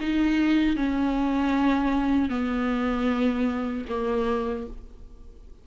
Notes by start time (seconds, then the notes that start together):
0.00 D#4
0.76 C#4
2.29 B3
3.89 A#3